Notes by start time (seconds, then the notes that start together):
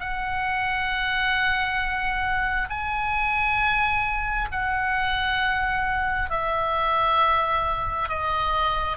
0.00 F#5
2.70 G#5
4.52 F#5
6.30 E5
8.09 D#5